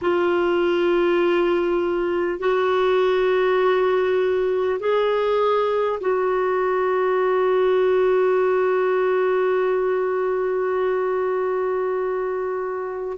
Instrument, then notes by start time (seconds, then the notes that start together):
clarinet
0.01 F4
2.39 F#4
4.79 G#4
6.00 F#4